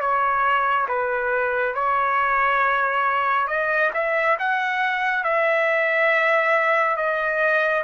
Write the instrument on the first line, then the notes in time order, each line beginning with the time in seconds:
trumpet
0.00 C#5
0.88 B4
1.74 C#5
3.47 D#5
3.93 E5
4.39 F#5
5.23 E5
6.96 D#5